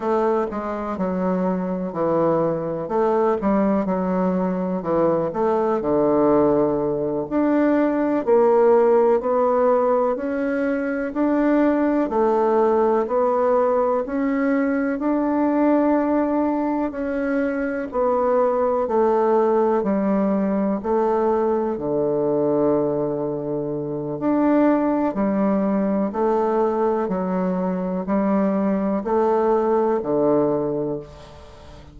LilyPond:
\new Staff \with { instrumentName = "bassoon" } { \time 4/4 \tempo 4 = 62 a8 gis8 fis4 e4 a8 g8 | fis4 e8 a8 d4. d'8~ | d'8 ais4 b4 cis'4 d'8~ | d'8 a4 b4 cis'4 d'8~ |
d'4. cis'4 b4 a8~ | a8 g4 a4 d4.~ | d4 d'4 g4 a4 | fis4 g4 a4 d4 | }